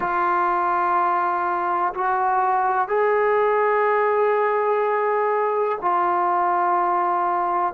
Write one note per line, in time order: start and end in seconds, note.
0.00 1.94 F4
1.94 2.88 F#4
2.88 5.78 G#4
5.81 7.73 F4